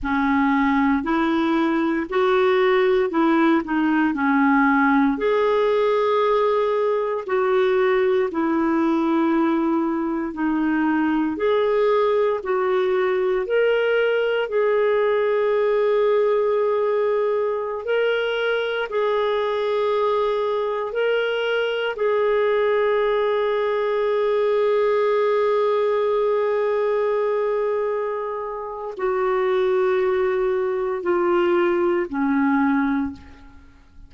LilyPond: \new Staff \with { instrumentName = "clarinet" } { \time 4/4 \tempo 4 = 58 cis'4 e'4 fis'4 e'8 dis'8 | cis'4 gis'2 fis'4 | e'2 dis'4 gis'4 | fis'4 ais'4 gis'2~ |
gis'4~ gis'16 ais'4 gis'4.~ gis'16~ | gis'16 ais'4 gis'2~ gis'8.~ | gis'1 | fis'2 f'4 cis'4 | }